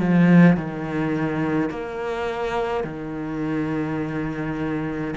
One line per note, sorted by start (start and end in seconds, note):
0.00 0.57 F3
0.57 1.70 D#3
1.70 2.84 A#3
2.84 5.15 D#3